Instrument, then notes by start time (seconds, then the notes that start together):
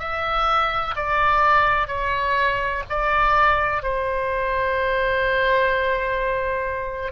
oboe
0.00 E5
0.96 D5
1.88 C#5
2.90 D5
3.83 C5